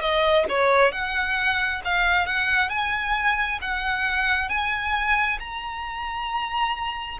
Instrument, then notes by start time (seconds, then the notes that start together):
violin
0.00 D#5
0.49 C#5
0.92 F#5
1.84 F5
2.26 F#5
2.69 G#5
3.61 F#5
4.49 G#5
5.39 A#5